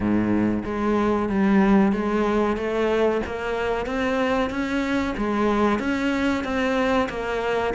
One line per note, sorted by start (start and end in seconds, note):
0.00 0.63 G#2
0.64 1.29 G#3
1.29 1.92 G3
1.92 2.56 G#3
2.56 3.21 A3
3.26 3.86 A#3
3.86 4.50 C4
4.50 5.14 C#4
5.17 5.79 G#3
5.79 6.43 C#4
6.43 7.08 C4
7.09 7.73 A#3